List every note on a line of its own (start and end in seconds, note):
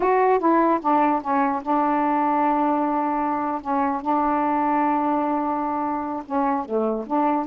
0.00 0.39 F#4
0.39 0.79 E4
0.81 1.21 D4
1.21 1.61 C#4
1.62 3.61 D4
3.61 4.01 C#4
4.01 6.23 D4
6.25 6.65 C#4
6.65 7.05 A3
7.06 7.46 D4